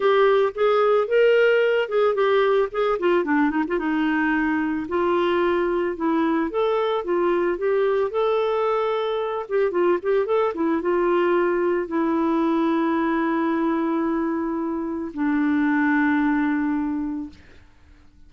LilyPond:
\new Staff \with { instrumentName = "clarinet" } { \time 4/4 \tempo 4 = 111 g'4 gis'4 ais'4. gis'8 | g'4 gis'8 f'8 d'8 dis'16 f'16 dis'4~ | dis'4 f'2 e'4 | a'4 f'4 g'4 a'4~ |
a'4. g'8 f'8 g'8 a'8 e'8 | f'2 e'2~ | e'1 | d'1 | }